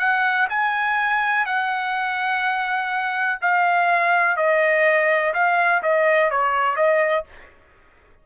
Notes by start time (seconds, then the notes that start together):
0.00 F#5
0.50 G#5
1.46 F#5
3.42 F5
4.37 D#5
5.34 F5
5.83 D#5
6.31 C#5
6.77 D#5